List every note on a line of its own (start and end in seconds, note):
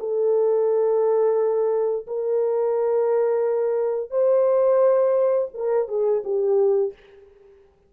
0.00 2.07 A4
2.07 4.11 A#4
4.11 5.49 C5
5.54 5.88 A#4
5.88 6.23 G#4
6.24 6.93 G4